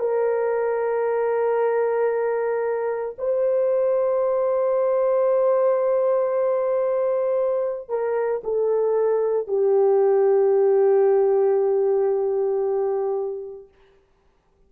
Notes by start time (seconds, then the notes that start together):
0.00 A#4
3.19 C5
7.89 A#4
8.44 A4
9.48 G4